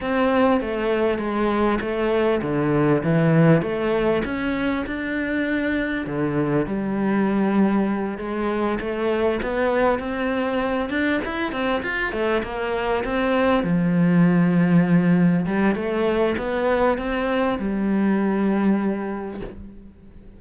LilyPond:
\new Staff \with { instrumentName = "cello" } { \time 4/4 \tempo 4 = 99 c'4 a4 gis4 a4 | d4 e4 a4 cis'4 | d'2 d4 g4~ | g4. gis4 a4 b8~ |
b8 c'4. d'8 e'8 c'8 f'8 | a8 ais4 c'4 f4.~ | f4. g8 a4 b4 | c'4 g2. | }